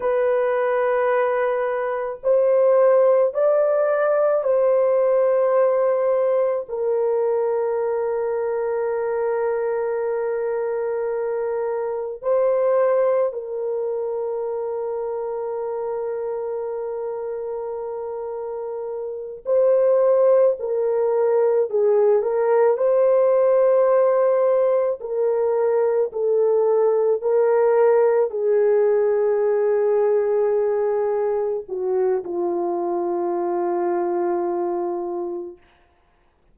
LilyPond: \new Staff \with { instrumentName = "horn" } { \time 4/4 \tempo 4 = 54 b'2 c''4 d''4 | c''2 ais'2~ | ais'2. c''4 | ais'1~ |
ais'4. c''4 ais'4 gis'8 | ais'8 c''2 ais'4 a'8~ | a'8 ais'4 gis'2~ gis'8~ | gis'8 fis'8 f'2. | }